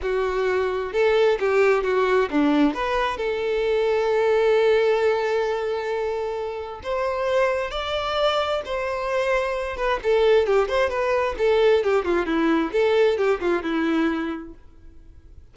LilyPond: \new Staff \with { instrumentName = "violin" } { \time 4/4 \tempo 4 = 132 fis'2 a'4 g'4 | fis'4 d'4 b'4 a'4~ | a'1~ | a'2. c''4~ |
c''4 d''2 c''4~ | c''4. b'8 a'4 g'8 c''8 | b'4 a'4 g'8 f'8 e'4 | a'4 g'8 f'8 e'2 | }